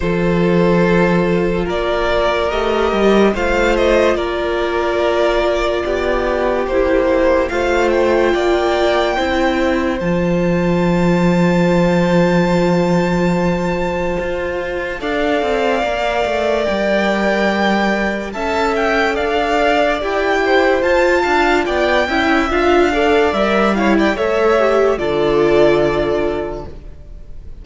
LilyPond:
<<
  \new Staff \with { instrumentName = "violin" } { \time 4/4 \tempo 4 = 72 c''2 d''4 dis''4 | f''8 dis''8 d''2. | c''4 f''8 g''2~ g''8 | a''1~ |
a''2 f''2 | g''2 a''8 g''8 f''4 | g''4 a''4 g''4 f''4 | e''8 f''16 g''16 e''4 d''2 | }
  \new Staff \with { instrumentName = "violin" } { \time 4/4 a'2 ais'2 | c''4 ais'2 g'4~ | g'4 c''4 d''4 c''4~ | c''1~ |
c''2 d''2~ | d''2 e''4 d''4~ | d''8 c''4 f''8 d''8 e''4 d''8~ | d''8 cis''16 d''16 cis''4 a'2 | }
  \new Staff \with { instrumentName = "viola" } { \time 4/4 f'2. g'4 | f'1 | e'4 f'2 e'4 | f'1~ |
f'2 a'4 ais'4~ | ais'2 a'2 | g'4 f'4. e'8 f'8 a'8 | ais'8 e'8 a'8 g'8 f'2 | }
  \new Staff \with { instrumentName = "cello" } { \time 4/4 f2 ais4 a8 g8 | a4 ais2 b4 | ais4 a4 ais4 c'4 | f1~ |
f4 f'4 d'8 c'8 ais8 a8 | g2 cis'4 d'4 | e'4 f'8 d'8 b8 cis'8 d'4 | g4 a4 d2 | }
>>